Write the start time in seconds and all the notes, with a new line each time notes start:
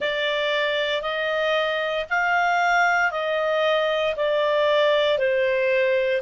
0.00 D5
1.02 D#5
2.09 F5
3.11 D#5
4.16 D5
5.18 C5